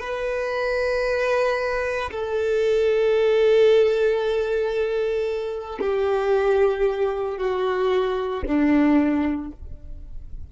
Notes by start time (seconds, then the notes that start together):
0.00 B4
2.11 A4
5.80 G4
7.37 F#4
8.46 D4